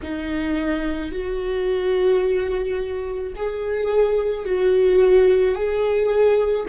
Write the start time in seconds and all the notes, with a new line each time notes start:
0.02 D#4
1.11 F#4
3.35 G#4
4.44 F#4
5.55 G#4